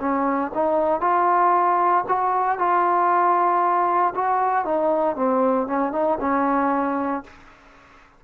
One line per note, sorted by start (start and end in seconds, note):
0.00 0.52 C#4
0.55 1.01 D#4
1.01 2.05 F4
2.08 2.59 F#4
2.59 4.14 F4
4.16 4.66 F#4
4.66 5.16 D#4
5.16 5.67 C4
5.67 5.92 C#4
5.92 6.18 D#4
6.21 7.24 C#4